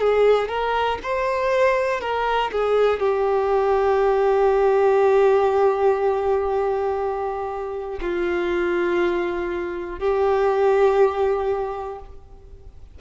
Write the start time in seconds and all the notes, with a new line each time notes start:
0.00 G#4
0.49 A#4
1.03 C5
2.01 A#4
2.52 G#4
3.00 G4
8.01 F4
10.00 G4